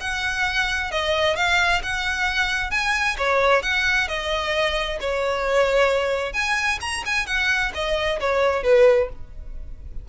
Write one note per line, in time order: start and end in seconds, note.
0.00 0.91 F#5
0.91 1.36 D#5
1.36 1.81 F5
1.82 2.71 F#5
2.71 3.16 G#5
3.17 3.62 C#5
3.62 4.08 F#5
4.08 4.99 D#5
5.00 6.33 C#5
6.33 6.79 G#5
6.81 7.03 A#5
7.05 7.26 G#5
7.26 7.72 F#5
7.74 8.19 D#5
8.20 8.63 C#5
8.63 9.09 B4